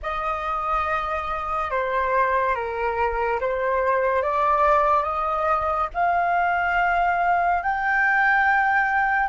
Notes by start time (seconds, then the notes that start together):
0.02 D#5
1.70 C5
2.55 A#4
3.40 C5
4.22 D5
5.03 D#5
5.94 F5
7.62 G5